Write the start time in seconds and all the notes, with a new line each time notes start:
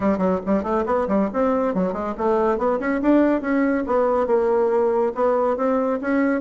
0.00 G3
0.18 F#3
0.46 G3
0.63 A3
0.86 B3
1.08 G3
1.33 C4
1.74 F#3
1.93 G#3
2.17 A3
2.57 B3
2.79 C#4
3.02 D4
3.41 C#4
3.86 B3
4.26 A#3
5.14 B3
5.56 C4
6.01 C#4